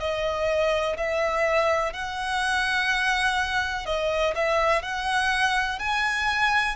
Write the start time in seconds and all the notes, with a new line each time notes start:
0.00 D#5
0.97 E5
1.93 F#5
3.86 D#5
4.35 E5
4.82 F#5
5.79 G#5